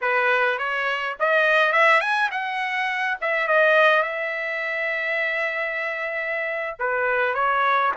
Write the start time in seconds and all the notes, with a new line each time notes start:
0.01 B4
0.58 C#5
1.19 D#5
1.72 E5
2.00 G#5
2.31 F#5
3.21 E5
3.47 D#5
4.02 E5
6.79 B4
7.34 C#5